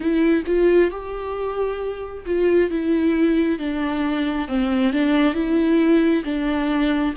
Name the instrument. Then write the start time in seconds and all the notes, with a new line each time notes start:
viola
0.00 E4
0.46 F4
0.90 G4
2.26 F4
2.70 E4
3.58 D4
4.48 C4
4.93 D4
5.34 E4
6.24 D4